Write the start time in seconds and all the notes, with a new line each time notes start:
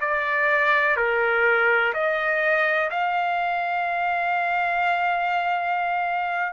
0.00 D5
0.96 A#4
1.93 D#5
2.90 F5